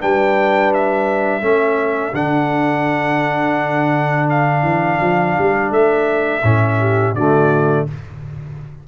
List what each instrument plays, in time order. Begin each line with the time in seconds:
0.00 tuba G3, trombone D4, horn B4, trumpet G5
0.74 trumpet E5
1.42 tuba A3, trombone C#4, horn A4
2.14 tuba D3, trombone D4, trumpet F#5
4.30 trumpet F5
4.63 tuba E3
5.01 tuba F3
5.39 tuba G3
5.71 tuba A3, trumpet E5
6.43 tuba A2, trombone C#4
6.80 horn G4
7.14 tuba D3, trombone A3, horn F#4, trumpet D5